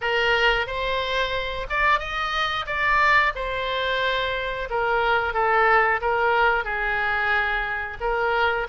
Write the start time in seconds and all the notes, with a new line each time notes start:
0.01 A#4
0.66 C5
1.69 D5
1.98 D#5
2.66 D5
3.35 C5
4.69 A#4
5.33 A4
6.01 A#4
6.64 G#4
8.00 A#4